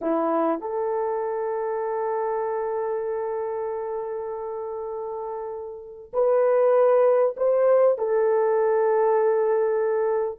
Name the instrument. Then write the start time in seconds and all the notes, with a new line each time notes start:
horn
0.01 E4
0.60 A4
6.13 B4
7.36 C5
7.97 A4